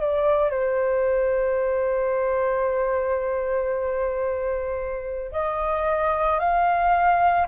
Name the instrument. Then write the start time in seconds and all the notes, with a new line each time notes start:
flute
0.00 D5
0.50 C5
5.32 D#5
6.39 F5